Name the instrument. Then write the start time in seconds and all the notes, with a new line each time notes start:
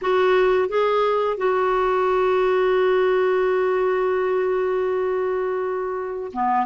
clarinet
0.01 F#4
0.68 G#4
1.37 F#4
6.32 B3